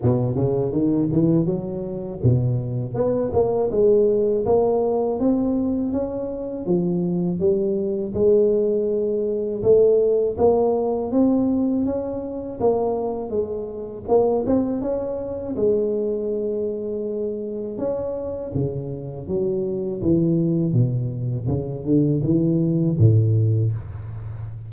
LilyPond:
\new Staff \with { instrumentName = "tuba" } { \time 4/4 \tempo 4 = 81 b,8 cis8 dis8 e8 fis4 b,4 | b8 ais8 gis4 ais4 c'4 | cis'4 f4 g4 gis4~ | gis4 a4 ais4 c'4 |
cis'4 ais4 gis4 ais8 c'8 | cis'4 gis2. | cis'4 cis4 fis4 e4 | b,4 cis8 d8 e4 a,4 | }